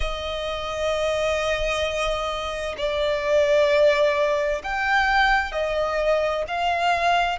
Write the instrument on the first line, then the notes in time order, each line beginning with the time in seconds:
violin
0.00 D#5
2.77 D5
4.63 G5
5.52 D#5
6.47 F5